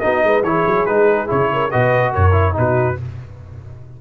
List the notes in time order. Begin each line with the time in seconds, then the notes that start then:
0.00 B3 D#4 F#4 D#5
0.23 G#3 B4
0.42 E3 E4 G#4 C#5
0.66 F#3
0.85 G#3 D#4 B4
1.26 C#3 E4 C#5
1.52 A#4
1.70 B2 F#4 B4 D#5
2.11 F#2 A#4 C#5
2.31 E4
2.52 B2 D#4 F#4
2.58 B4